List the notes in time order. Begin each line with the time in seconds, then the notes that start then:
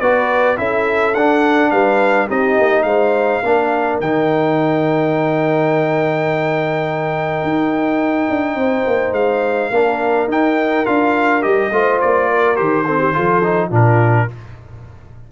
0.00 B3 F#4 B4 D5
0.57 C#4 E4 A4 E5
1.14 D4 F#5
1.70 G3 B4 F5
2.26 C4 D#4 G4 D#5
2.58 A#3
2.82 G#3 C5 F5
3.43 A#3 D4 A#4
4.00 D#3 D#4 G5
7.42 D#4
8.30 D4
8.55 C4 C5
8.87 A#3
9.12 G#3 F5
9.70 A#3 D4 A#4
10.27 D#4 G5
10.85 D4 F4 F5
11.42 G3 G4 D#5
11.71 A3 F4 C5
12.01 A#3 D5
12.30 A#4
12.56 D#3 G4 C5
12.86 C4 A4
12.98 G4
13.13 F3 F4 A4
13.43 D#4
13.68 A#2 D4 F4
13.74 A#4